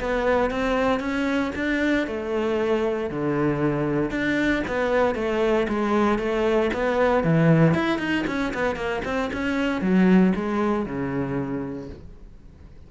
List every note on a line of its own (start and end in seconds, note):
0.00 0.51 B3
0.51 1.00 C4
1.00 1.52 C#4
1.55 2.07 D4
2.07 3.10 A3
3.10 4.11 D3
4.11 4.62 D4
4.67 5.15 B3
5.15 5.67 A3
5.68 6.19 G#3
6.19 6.70 A3
6.73 7.24 B3
7.24 7.74 E3
7.74 7.98 E4
7.98 8.24 D#4
8.27 8.53 C#4
8.54 8.76 B3
8.76 9.02 A#3
9.04 9.30 C4
9.33 9.81 C#4
9.81 10.33 F#3
10.35 10.86 G#3
10.86 11.89 C#3